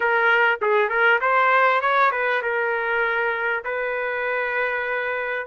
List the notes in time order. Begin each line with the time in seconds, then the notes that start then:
0.00 A#4
0.61 G#4
0.89 A#4
1.20 C5
1.81 C#5
2.11 B4
2.42 A#4
3.64 B4